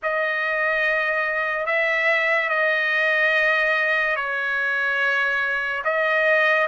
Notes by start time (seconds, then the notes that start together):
0.02 D#5
1.66 E5
2.49 D#5
4.16 C#5
5.84 D#5